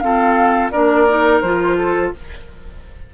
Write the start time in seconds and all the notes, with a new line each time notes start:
0.00 C4 F4 A4 F5
0.71 A#3 D4 A#4 D5
1.09 D#4
1.41 F3 F4 C5
1.78 A4